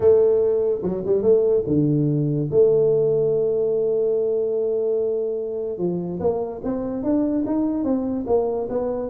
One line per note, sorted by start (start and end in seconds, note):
0.00 0.81 A3
0.83 1.03 F#3
1.06 1.22 G3
1.22 1.63 A3
1.66 2.49 D3
2.50 5.77 A3
5.77 6.19 F3
6.20 6.61 A#3
6.63 7.03 C4
7.03 7.44 D4
7.46 7.84 D#4
7.84 8.25 C4
8.26 8.68 A#3
8.69 9.09 B3